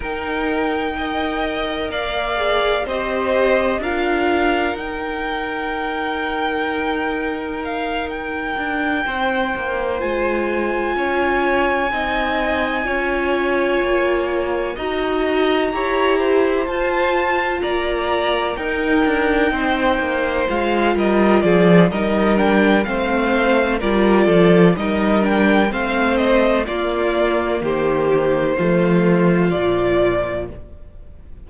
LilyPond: <<
  \new Staff \with { instrumentName = "violin" } { \time 4/4 \tempo 4 = 63 g''2 f''4 dis''4 | f''4 g''2. | f''8 g''2 gis''4.~ | gis''2.~ gis''8 ais''8~ |
ais''4. a''4 ais''4 g''8~ | g''4. f''8 dis''8 d''8 dis''8 g''8 | f''4 d''4 dis''8 g''8 f''8 dis''8 | d''4 c''2 d''4 | }
  \new Staff \with { instrumentName = "violin" } { \time 4/4 ais'4 dis''4 d''4 c''4 | ais'1~ | ais'4. c''2 cis''8~ | cis''8 dis''4 cis''2 dis''8~ |
dis''8 cis''8 c''4. d''4 ais'8~ | ais'8 c''4. ais'8 gis'8 ais'4 | c''4 ais'8 a'8 ais'4 c''4 | f'4 g'4 f'2 | }
  \new Staff \with { instrumentName = "viola" } { \time 4/4 dis'4 ais'4. gis'8 g'4 | f'4 dis'2.~ | dis'2~ dis'8 f'4.~ | f'8 dis'4 f'2 fis'8~ |
fis'8 g'4 f'2 dis'8~ | dis'4. f'4. dis'8 d'8 | c'4 f'4 dis'8 d'8 c'4 | ais2 a4 f4 | }
  \new Staff \with { instrumentName = "cello" } { \time 4/4 dis'2 ais4 c'4 | d'4 dis'2.~ | dis'4 d'8 c'8 ais8 gis4 cis'8~ | cis'8 c'4 cis'4 ais4 dis'8~ |
dis'8 e'4 f'4 ais4 dis'8 | d'8 c'8 ais8 gis8 g8 f8 g4 | a4 g8 f8 g4 a4 | ais4 dis4 f4 ais,4 | }
>>